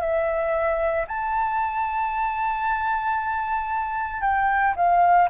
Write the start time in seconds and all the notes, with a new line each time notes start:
0.00 E5
1.07 A5
4.21 G5
4.76 F5